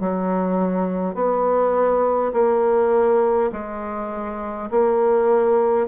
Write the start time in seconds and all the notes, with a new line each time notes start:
0.00 F#3
1.14 B3
2.33 A#3
3.52 G#3
4.70 A#3